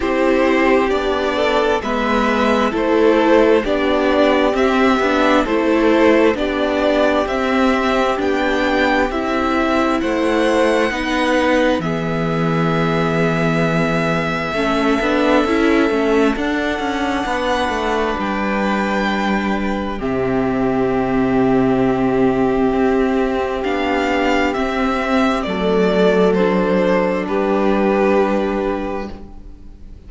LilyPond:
<<
  \new Staff \with { instrumentName = "violin" } { \time 4/4 \tempo 4 = 66 c''4 d''4 e''4 c''4 | d''4 e''4 c''4 d''4 | e''4 g''4 e''4 fis''4~ | fis''4 e''2.~ |
e''2 fis''2 | g''2 e''2~ | e''2 f''4 e''4 | d''4 c''4 b'2 | }
  \new Staff \with { instrumentName = "violin" } { \time 4/4 g'4. a'8 b'4 a'4 | g'2 a'4 g'4~ | g'2. c''4 | b'4 gis'2. |
a'2. b'4~ | b'2 g'2~ | g'1 | a'2 g'2 | }
  \new Staff \with { instrumentName = "viola" } { \time 4/4 e'4 d'4 b4 e'4 | d'4 c'8 d'8 e'4 d'4 | c'4 d'4 e'2 | dis'4 b2. |
cis'8 d'8 e'8 cis'8 d'2~ | d'2 c'2~ | c'2 d'4 c'4 | a4 d'2. | }
  \new Staff \with { instrumentName = "cello" } { \time 4/4 c'4 b4 gis4 a4 | b4 c'8 b8 a4 b4 | c'4 b4 c'4 a4 | b4 e2. |
a8 b8 cis'8 a8 d'8 cis'8 b8 a8 | g2 c2~ | c4 c'4 b4 c'4 | fis2 g2 | }
>>